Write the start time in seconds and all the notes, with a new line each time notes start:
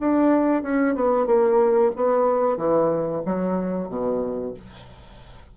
0.00 D4
0.63 C#4
0.95 B3
1.26 A#3
1.96 B3
2.57 E3
3.26 F#3
3.89 B2